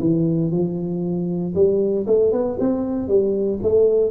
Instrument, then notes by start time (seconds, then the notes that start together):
tuba
0.00 E3
0.51 F3
1.55 G3
2.07 A3
2.32 B3
2.59 C4
3.08 G3
3.62 A3